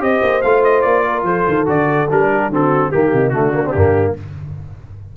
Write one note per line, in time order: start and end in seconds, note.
0.00 0.22 C4
0.00 0.41 G4
0.00 1.07 C5
0.00 0.42 D#5
0.23 0.44 A#3
0.42 0.86 A3
0.42 1.66 F4
0.42 0.63 F5
0.64 0.82 D#5
0.82 1.23 A#3
0.82 1.23 D5
1.07 1.25 A#4
1.23 1.44 F3
1.23 2.29 A4
1.23 1.67 C5
1.49 1.68 D#3
1.66 2.09 D3
1.66 2.08 F#4
1.66 2.11 D5
2.11 2.50 G3
2.11 2.52 D4
2.11 2.53 A#4
2.30 2.51 G4
2.50 2.91 D3
2.50 2.93 C4
2.50 2.91 F#4
2.50 2.92 A4
2.91 3.14 D#3
2.91 3.33 A#3
2.91 3.11 G4
2.91 3.30 G4
3.14 3.33 C3
3.14 3.34 D#4
3.30 3.74 D3
3.30 3.53 A3
3.30 4.16 D4
3.30 3.71 F#4
3.54 3.64 A#3
3.65 3.75 C4
3.72 4.17 G2
3.72 4.17 A#3
3.72 4.13 G4